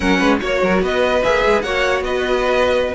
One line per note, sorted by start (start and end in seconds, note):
0.00 0.20 F#3
0.00 0.39 C#4
0.00 0.18 A#4
0.00 0.40 F#5
0.18 0.41 G#3
0.18 0.38 B4
0.39 0.62 A#3
0.39 1.20 F#4
0.39 0.61 C#5
0.39 0.84 C#5
0.62 0.81 F#3
0.62 0.82 A#4
0.81 1.22 B3
0.81 1.63 B4
0.81 1.23 D#5
1.23 1.44 A#3
1.23 1.63 G#4
1.23 1.61 E5
1.45 1.63 G#3
1.61 2.00 A#3
1.61 2.94 F#4
1.61 2.04 C#5
1.61 2.02 F#5
2.00 2.92 B3
2.00 2.94 B4
2.00 2.94 D#5